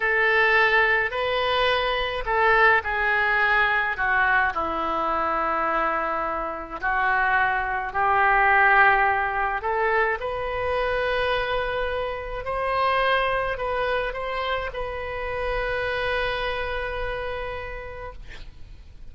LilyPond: \new Staff \with { instrumentName = "oboe" } { \time 4/4 \tempo 4 = 106 a'2 b'2 | a'4 gis'2 fis'4 | e'1 | fis'2 g'2~ |
g'4 a'4 b'2~ | b'2 c''2 | b'4 c''4 b'2~ | b'1 | }